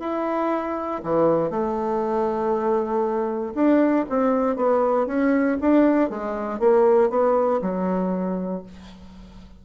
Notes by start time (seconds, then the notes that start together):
0.00 E4
1.04 E3
1.50 A3
3.55 D4
4.10 C4
4.57 B3
5.07 C#4
5.61 D4
6.10 G#3
6.60 A#3
7.10 B3
7.62 F#3